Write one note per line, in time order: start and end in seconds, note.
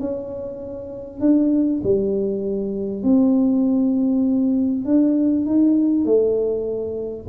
0.00 1.21 C#4
1.21 1.81 D4
1.84 3.03 G3
3.03 4.85 C4
4.85 5.46 D4
5.46 6.06 D#4
6.06 7.27 A3